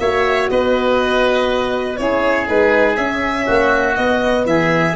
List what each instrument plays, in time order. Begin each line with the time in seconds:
0.00 tuba A#3, horn F#4, oboe C#5, violin E5
0.50 tuba B3, oboe B4, violin D#5
1.97 tuba C#4, horn E4, oboe G#4, violin C#5
2.47 tuba G#3, horn D#4, violin B4
2.96 horn C#4, tuba C#4, violin E5
3.46 tuba A#3, oboe F#4
3.95 horn B3, tuba B3, violin D#5
4.45 tuba E3, oboe G#4, violin E5